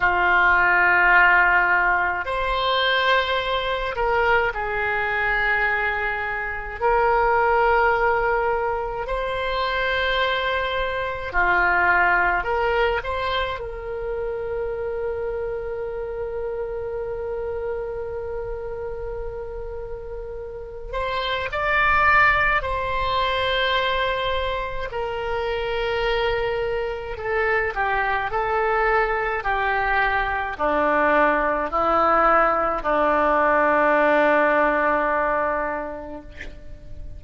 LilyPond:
\new Staff \with { instrumentName = "oboe" } { \time 4/4 \tempo 4 = 53 f'2 c''4. ais'8 | gis'2 ais'2 | c''2 f'4 ais'8 c''8 | ais'1~ |
ais'2~ ais'8 c''8 d''4 | c''2 ais'2 | a'8 g'8 a'4 g'4 d'4 | e'4 d'2. | }